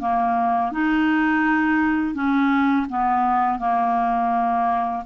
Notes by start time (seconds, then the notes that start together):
0.00 A#3
0.72 D#4
2.14 C#4
2.89 B3
3.59 A#3